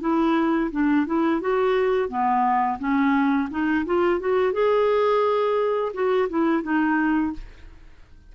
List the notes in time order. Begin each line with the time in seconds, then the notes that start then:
0.00 E4
0.71 D4
1.06 E4
1.40 F#4
2.08 B3
2.79 C#4
3.50 D#4
3.85 F4
4.20 F#4
4.52 G#4
5.93 F#4
6.29 E4
6.62 D#4